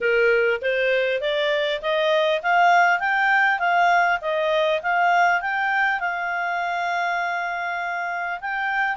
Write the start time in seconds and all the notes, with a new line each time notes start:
0.00 A#4
0.61 C5
1.21 D5
1.81 D#5
2.42 F5
2.99 G5
3.59 F5
4.21 D#5
4.82 F5
5.41 G5
6.00 F5
8.40 G5